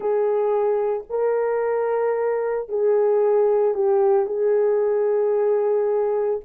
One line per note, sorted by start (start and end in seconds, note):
0.00 1.04 G#4
1.09 2.68 A#4
2.68 3.74 G#4
3.74 4.26 G4
4.26 6.40 G#4